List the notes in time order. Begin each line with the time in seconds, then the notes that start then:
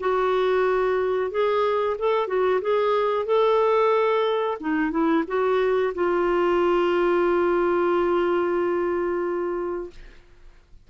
0.00 F#4
1.31 G#4
1.99 A4
2.28 F#4
2.62 G#4
3.26 A4
4.60 D#4
4.91 E4
5.28 F#4
5.95 F4